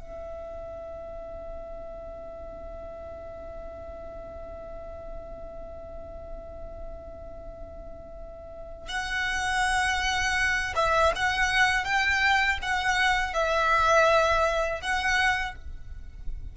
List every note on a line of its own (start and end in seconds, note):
0.00 8.89 E5
8.89 10.74 F#5
10.76 11.13 E5
11.16 11.85 F#5
11.85 12.59 G5
12.62 13.34 F#5
13.34 14.82 E5
14.82 15.56 F#5